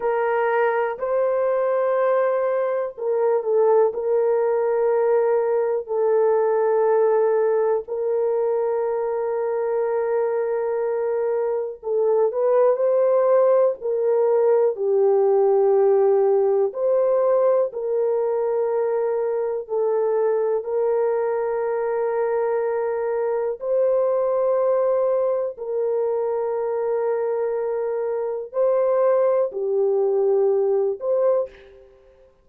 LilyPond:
\new Staff \with { instrumentName = "horn" } { \time 4/4 \tempo 4 = 61 ais'4 c''2 ais'8 a'8 | ais'2 a'2 | ais'1 | a'8 b'8 c''4 ais'4 g'4~ |
g'4 c''4 ais'2 | a'4 ais'2. | c''2 ais'2~ | ais'4 c''4 g'4. c''8 | }